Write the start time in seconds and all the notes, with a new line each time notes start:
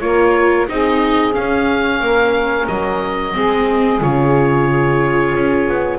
0.00 A#3 F4 A#4 C#5
0.68 C4 D#4 G#4 D#5
1.32 C#4 F5
2.00 A#3 A#4
2.67 F#3 D#5
3.33 G#3 C4 G#4
4.01 C#3 F4 C#5
5.35 C#4
5.68 B3